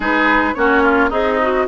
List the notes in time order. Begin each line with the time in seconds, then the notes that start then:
0.00 G#3 D#4 G#4 B4
0.54 A#3 C#4 F#4 C#5
0.82 F4
1.09 C4 D#4 G#4 D#5
1.41 F#4